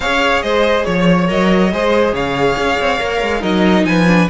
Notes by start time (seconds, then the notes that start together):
0.00 C#4 G#4 C#5 F5
0.42 G#3 C5 D#5
0.84 F3 C#5
1.27 F#3 A#4 D#5
1.72 G#3 G#4 C5
2.12 C#3 C#5 F5
2.57 C#4
2.79 C4
2.98 A#3 A#4
3.21 G#3
3.40 F#3 D#4 A#4 D#5
3.85 F3 B4 G#5
4.07 D4